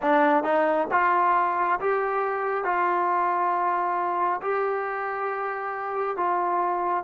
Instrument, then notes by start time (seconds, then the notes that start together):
trombone
0.02 D4
0.43 D#4
0.91 F4
1.80 G4
2.64 F4
4.41 G4
6.16 F4